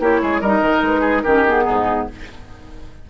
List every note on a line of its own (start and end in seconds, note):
0.00 0.21 A#3
0.00 0.42 E4
0.00 0.21 G4
0.00 0.41 C#5
0.22 0.41 G#3
0.22 0.41 G#4
0.41 0.61 G3
0.41 1.25 D#4
0.41 1.01 A#4
0.41 0.82 D#5
0.61 0.81 D#3
0.82 1.23 G#3
0.82 1.21 B4
1.01 1.21 G#4
1.21 1.67 D#3
1.21 1.46 C#4
1.21 1.64 G4
1.21 1.42 A#4
1.46 2.10 B3
1.46 2.08 G#4
1.64 2.10 G#2
1.64 2.06 D#4